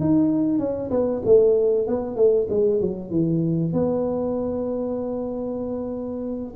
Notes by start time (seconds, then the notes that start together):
0.00 D#4
0.59 C#4
0.91 B3
1.25 A3
1.88 B3
2.16 A3
2.50 G#3
2.81 F#3
3.11 E3
3.73 B3